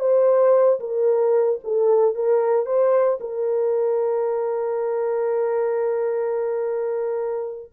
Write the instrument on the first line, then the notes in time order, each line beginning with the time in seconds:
horn
0.00 C5
0.80 A#4
1.64 A4
2.15 A#4
2.66 C5
3.21 A#4